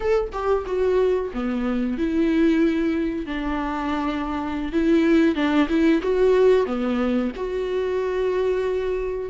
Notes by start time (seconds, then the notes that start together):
0.00 A4
0.32 G4
0.66 F#4
1.33 B3
1.97 E4
3.25 D4
4.72 E4
5.35 D4
5.68 E4
6.02 F#4
6.66 B3
7.35 F#4